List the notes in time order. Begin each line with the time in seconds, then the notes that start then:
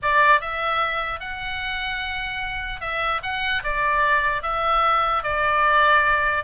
0.02 D5
0.40 E5
1.20 F#5
2.80 E5
3.22 F#5
3.63 D5
4.42 E5
5.23 D5